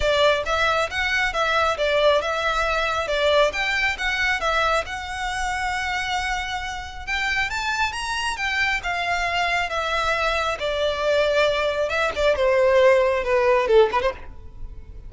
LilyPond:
\new Staff \with { instrumentName = "violin" } { \time 4/4 \tempo 4 = 136 d''4 e''4 fis''4 e''4 | d''4 e''2 d''4 | g''4 fis''4 e''4 fis''4~ | fis''1 |
g''4 a''4 ais''4 g''4 | f''2 e''2 | d''2. e''8 d''8 | c''2 b'4 a'8 b'16 c''16 | }